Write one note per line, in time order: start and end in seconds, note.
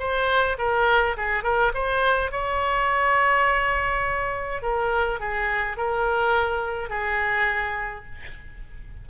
0.00 0.58 C5
0.59 1.16 A#4
1.17 1.44 G#4
1.44 1.73 A#4
1.75 2.32 C5
2.32 4.63 C#5
4.63 5.20 A#4
5.20 5.77 G#4
5.77 6.90 A#4
6.90 8.05 G#4